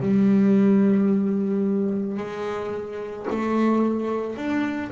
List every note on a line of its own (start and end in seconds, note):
0.00 2.18 G3
2.18 3.27 G#3
3.30 4.36 A3
4.36 4.91 D4